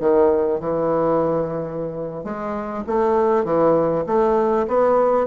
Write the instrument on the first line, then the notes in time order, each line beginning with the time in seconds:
bassoon
0.00 D#3
0.60 E3
2.24 G#3
2.87 A3
3.44 E3
4.06 A3
4.67 B3